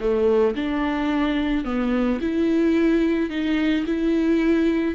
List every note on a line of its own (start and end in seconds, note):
0.00 0.55 A3
0.55 1.65 D4
1.65 2.20 B3
2.21 3.30 E4
3.30 3.85 D#4
3.86 4.94 E4